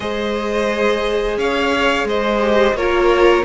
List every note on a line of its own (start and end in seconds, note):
0.00 1.37 G#3
0.00 2.40 G#4
0.00 1.38 C5
0.00 1.38 D#5
1.37 2.04 C#4
1.37 2.07 C#5
1.37 2.07 F5
2.04 2.73 G#3
2.04 2.76 C5
2.04 2.76 D#5
2.40 2.74 G4
2.73 3.42 A#3
2.73 3.44 F4
2.73 3.44 A#4
2.73 3.44 C#5